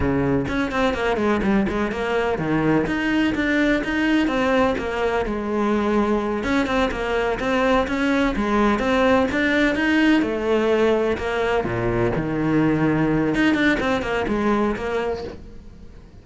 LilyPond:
\new Staff \with { instrumentName = "cello" } { \time 4/4 \tempo 4 = 126 cis4 cis'8 c'8 ais8 gis8 g8 gis8 | ais4 dis4 dis'4 d'4 | dis'4 c'4 ais4 gis4~ | gis4. cis'8 c'8 ais4 c'8~ |
c'8 cis'4 gis4 c'4 d'8~ | d'8 dis'4 a2 ais8~ | ais8 ais,4 dis2~ dis8 | dis'8 d'8 c'8 ais8 gis4 ais4 | }